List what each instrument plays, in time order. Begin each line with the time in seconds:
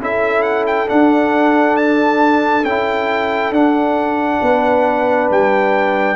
0.00 tuba C#4, trombone E4, horn A4, trumpet E5
0.42 trumpet F#5
0.66 trumpet G5
0.87 trombone D4, tuba D4, trumpet F#5
1.76 trumpet A5
2.63 tuba C#4, trombone E4, trumpet G5
3.50 tuba D4, trombone D4, trumpet F#5
4.41 tuba B3, horn B4
5.30 tuba G3, trumpet G5